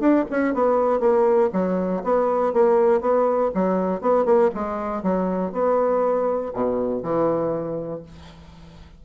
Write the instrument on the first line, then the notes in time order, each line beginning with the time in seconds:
bassoon
0.00 D4
0.30 C#4
0.54 B3
1.00 A#3
1.53 F#3
2.04 B3
2.53 A#3
3.01 B3
3.54 F#3
4.01 B3
4.25 A#3
4.55 G#3
5.03 F#3
5.52 B3
6.54 B2
7.03 E3